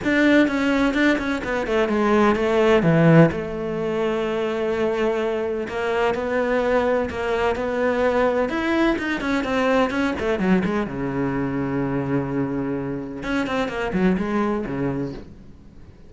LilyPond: \new Staff \with { instrumentName = "cello" } { \time 4/4 \tempo 4 = 127 d'4 cis'4 d'8 cis'8 b8 a8 | gis4 a4 e4 a4~ | a1 | ais4 b2 ais4 |
b2 e'4 dis'8 cis'8 | c'4 cis'8 a8 fis8 gis8 cis4~ | cis1 | cis'8 c'8 ais8 fis8 gis4 cis4 | }